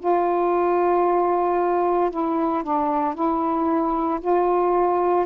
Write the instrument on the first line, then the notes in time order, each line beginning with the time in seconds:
saxophone
0.00 F4
2.11 E4
2.64 D4
3.14 E4
4.21 F4